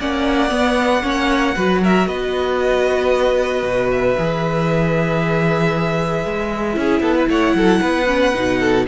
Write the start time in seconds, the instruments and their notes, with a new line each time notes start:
0.00 cello A#3, viola C#4, violin D5 F#5
0.50 viola B3, cello B3
1.03 cello A#3, viola C#4, violin C#5
1.55 cello F#3, viola F#4, violin B4
1.82 violin A#4 E5
2.07 cello B3, violin B4 D#5
3.63 cello B2
3.92 violin E5
4.18 cello E3, viola G#4
6.25 cello G#3
6.74 cello C#4, viola E4, violin G#4
7.00 cello B3, violin A4
7.15 violin B4
7.28 cello A3, violin C#5 F#5
7.55 cello F#3, violin A4
7.81 cello B3, violin B4
8.07 viola C#4
8.34 cello B2, viola D#4
8.60 violin A4